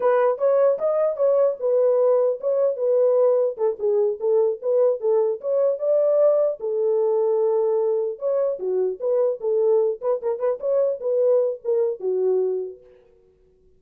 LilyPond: \new Staff \with { instrumentName = "horn" } { \time 4/4 \tempo 4 = 150 b'4 cis''4 dis''4 cis''4 | b'2 cis''4 b'4~ | b'4 a'8 gis'4 a'4 b'8~ | b'8 a'4 cis''4 d''4.~ |
d''8 a'2.~ a'8~ | a'8 cis''4 fis'4 b'4 a'8~ | a'4 b'8 ais'8 b'8 cis''4 b'8~ | b'4 ais'4 fis'2 | }